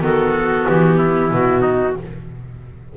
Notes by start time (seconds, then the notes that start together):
0.00 D#3 B3 F#4 A4
0.67 E3 G4
0.97 E4
1.31 B2 F#4
1.61 D#4